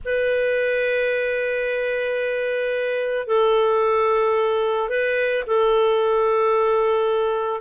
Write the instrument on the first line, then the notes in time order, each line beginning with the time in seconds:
clarinet
0.04 B4
3.27 A4
4.89 B4
5.46 A4